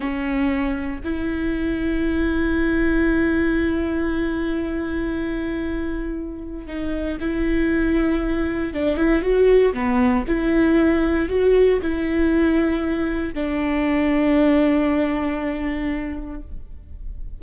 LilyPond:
\new Staff \with { instrumentName = "viola" } { \time 4/4 \tempo 4 = 117 cis'2 e'2~ | e'1~ | e'1~ | e'4 dis'4 e'2~ |
e'4 d'8 e'8 fis'4 b4 | e'2 fis'4 e'4~ | e'2 d'2~ | d'1 | }